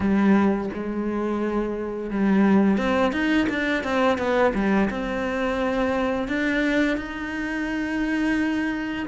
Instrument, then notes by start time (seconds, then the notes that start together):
cello
0.00 G3
0.73 G#3
2.10 G3
2.77 C4
3.12 D#4
3.49 D4
3.83 C4
4.17 B3
4.54 G3
4.90 C4
6.28 D4
6.97 D#4